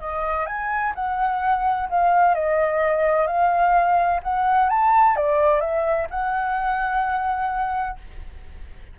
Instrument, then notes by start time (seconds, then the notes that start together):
flute
0.00 D#5
0.46 G#5
0.95 F#5
1.89 F5
2.34 D#5
3.27 F5
4.23 F#5
4.69 A5
5.16 D5
5.60 E5
6.10 F#5